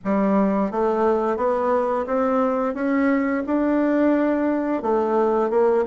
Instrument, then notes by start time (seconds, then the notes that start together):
bassoon
0.04 G3
0.71 A3
1.36 B3
2.06 C4
2.74 C#4
3.46 D4
4.82 A3
5.50 A#3